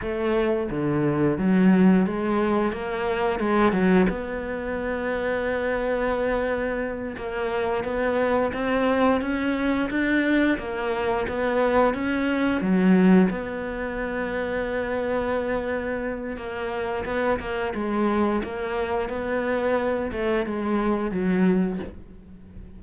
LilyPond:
\new Staff \with { instrumentName = "cello" } { \time 4/4 \tempo 4 = 88 a4 d4 fis4 gis4 | ais4 gis8 fis8 b2~ | b2~ b8 ais4 b8~ | b8 c'4 cis'4 d'4 ais8~ |
ais8 b4 cis'4 fis4 b8~ | b1 | ais4 b8 ais8 gis4 ais4 | b4. a8 gis4 fis4 | }